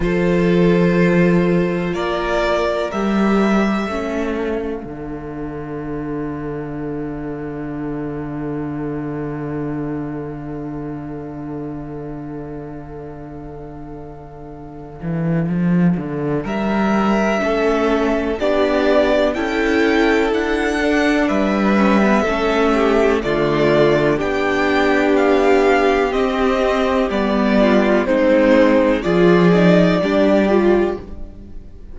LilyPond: <<
  \new Staff \with { instrumentName = "violin" } { \time 4/4 \tempo 4 = 62 c''2 d''4 e''4~ | e''8 f''2.~ f''8~ | f''1~ | f''1~ |
f''4 e''2 d''4 | g''4 fis''4 e''2 | d''4 g''4 f''4 dis''4 | d''4 c''4 d''2 | }
  \new Staff \with { instrumentName = "violin" } { \time 4/4 a'2 ais'2 | a'1~ | a'1~ | a'1~ |
a'4 ais'4 a'4 g'4 | a'2 b'4 a'8 g'8 | f'4 g'2.~ | g'8 f'8 dis'4 gis'4 g'4 | }
  \new Staff \with { instrumentName = "viola" } { \time 4/4 f'2. g'4 | cis'4 d'2.~ | d'1~ | d'1~ |
d'2 cis'4 d'4 | e'4. d'4 cis'16 b16 cis'4 | a4 d'2 c'4 | b4 c'4 f'8 dis'8 d'8 f'8 | }
  \new Staff \with { instrumentName = "cello" } { \time 4/4 f2 ais4 g4 | a4 d2.~ | d1~ | d2.~ d8 e8 |
f8 d8 g4 a4 b4 | cis'4 d'4 g4 a4 | d4 b2 c'4 | g4 gis4 f4 g4 | }
>>